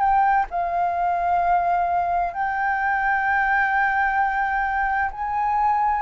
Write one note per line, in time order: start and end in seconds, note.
0.00 0.46 G5
0.51 2.34 F5
2.34 5.11 G5
5.11 6.03 G#5